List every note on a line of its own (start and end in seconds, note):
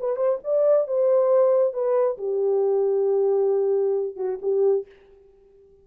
0.00 0.17 B4
0.17 0.39 C5
0.44 0.88 D5
0.88 1.74 C5
1.74 2.18 B4
2.18 4.17 G4
4.17 4.39 F#4
4.42 4.86 G4